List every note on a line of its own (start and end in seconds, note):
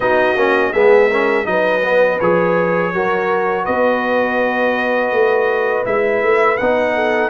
0.00 0.35 B3
0.00 0.37 D#4
0.00 0.71 F#4
0.00 0.73 D#5
0.35 0.71 A#3
0.35 0.73 C#4
0.71 1.45 G#3
0.71 1.11 B3
0.71 1.08 G#4
0.71 1.46 E5
1.09 1.44 C#4
1.09 1.46 A#4
1.44 2.19 F#3
1.44 1.81 D#4
1.44 2.95 B4
1.44 2.19 D#5
1.83 2.20 B3
2.20 2.93 F3
2.20 2.94 G#4
2.20 3.65 C#5
2.93 3.66 F#3
2.93 5.85 F#4
2.93 3.64 A#4
3.64 5.11 B3
3.64 6.93 B4
3.64 5.84 D#5
5.11 5.84 A3
5.85 6.22 G#3
5.85 6.58 E4
5.85 6.57 E5
6.22 6.59 A3
6.57 7.30 B3
6.57 7.30 D#4
6.57 7.30 F#5
6.94 7.30 A4